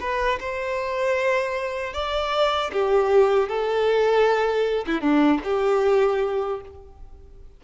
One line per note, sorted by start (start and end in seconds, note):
0.00 0.39 B4
0.40 1.93 C5
1.93 2.71 D5
2.72 3.48 G4
3.48 4.85 A4
4.86 5.00 E4
5.00 5.39 D4
5.43 6.60 G4